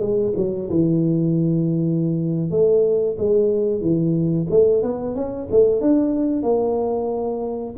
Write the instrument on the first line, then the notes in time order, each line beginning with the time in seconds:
tuba
0.00 G#3
0.37 F#3
0.70 E3
2.51 A3
3.19 G#3
3.81 E3
4.50 A3
4.83 B3
5.15 C#4
5.51 A3
5.81 D4
6.43 A#3